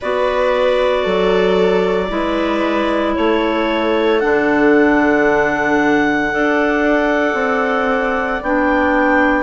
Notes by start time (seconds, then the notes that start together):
0.00 B3 F#4 B4 D5
1.03 F#3 A4
2.09 G#3 E4 B4
3.15 A3 A4 C#5
4.20 D3 D4 F#5
6.31 D4 A4 D5
7.34 C4
8.42 B3 D4 G5